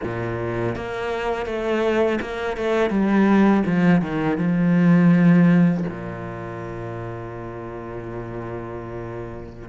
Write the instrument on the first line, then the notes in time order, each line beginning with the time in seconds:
cello
0.03 A#2
0.75 A#3
1.46 A3
2.21 A#3
2.56 A3
2.90 G3
3.66 F3
4.01 D#3
4.37 F3
5.89 A#2